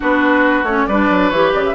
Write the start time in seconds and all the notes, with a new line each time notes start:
0.00 B3 D4 F#4 B4
0.63 A3 C#4 C#5
0.86 G3 D4 B4 D5
1.10 F#3
1.29 E3 G4 C#5
1.53 C#3 D5
1.65 E5